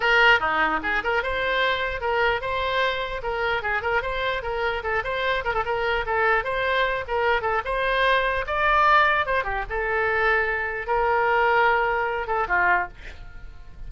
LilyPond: \new Staff \with { instrumentName = "oboe" } { \time 4/4 \tempo 4 = 149 ais'4 dis'4 gis'8 ais'8 c''4~ | c''4 ais'4 c''2 | ais'4 gis'8 ais'8 c''4 ais'4 | a'8 c''4 ais'16 a'16 ais'4 a'4 |
c''4. ais'4 a'8 c''4~ | c''4 d''2 c''8 g'8 | a'2. ais'4~ | ais'2~ ais'8 a'8 f'4 | }